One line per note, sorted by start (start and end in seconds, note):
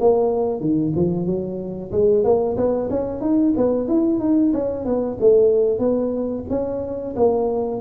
0.00 0.60 A#3
0.60 0.93 D#3
0.96 1.26 F3
1.26 1.92 F#3
1.92 2.24 G#3
2.24 2.57 A#3
2.57 2.89 B3
2.90 3.21 C#4
3.21 3.54 D#4
3.57 3.88 B3
3.88 4.20 E4
4.20 4.52 D#4
4.54 4.85 C#4
4.85 5.18 B3
5.21 5.79 A3
5.79 6.44 B3
6.50 7.15 C#4
7.16 7.81 A#3